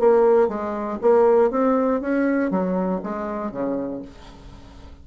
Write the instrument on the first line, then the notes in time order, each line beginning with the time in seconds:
bassoon
0.00 A#3
0.49 G#3
1.02 A#3
1.51 C4
2.02 C#4
2.51 F#3
3.04 G#3
3.52 C#3